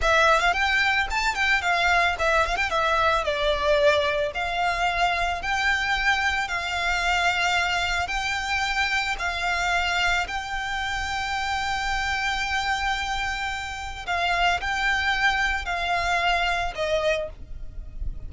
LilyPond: \new Staff \with { instrumentName = "violin" } { \time 4/4 \tempo 4 = 111 e''8. f''16 g''4 a''8 g''8 f''4 | e''8 f''16 g''16 e''4 d''2 | f''2 g''2 | f''2. g''4~ |
g''4 f''2 g''4~ | g''1~ | g''2 f''4 g''4~ | g''4 f''2 dis''4 | }